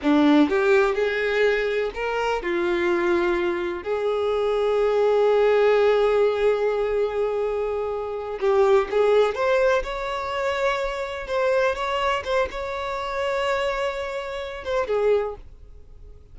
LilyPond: \new Staff \with { instrumentName = "violin" } { \time 4/4 \tempo 4 = 125 d'4 g'4 gis'2 | ais'4 f'2. | gis'1~ | gis'1~ |
gis'4. g'4 gis'4 c''8~ | c''8 cis''2. c''8~ | c''8 cis''4 c''8 cis''2~ | cis''2~ cis''8 c''8 gis'4 | }